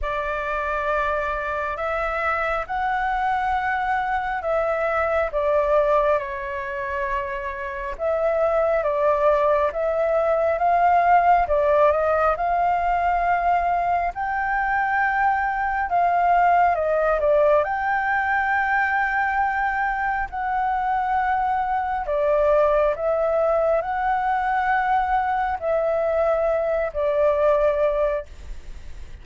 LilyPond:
\new Staff \with { instrumentName = "flute" } { \time 4/4 \tempo 4 = 68 d''2 e''4 fis''4~ | fis''4 e''4 d''4 cis''4~ | cis''4 e''4 d''4 e''4 | f''4 d''8 dis''8 f''2 |
g''2 f''4 dis''8 d''8 | g''2. fis''4~ | fis''4 d''4 e''4 fis''4~ | fis''4 e''4. d''4. | }